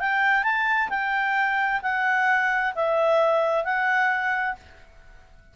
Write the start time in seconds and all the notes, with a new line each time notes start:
0.00 G5
0.44 A5
0.89 G5
1.82 F#5
2.75 E5
3.64 F#5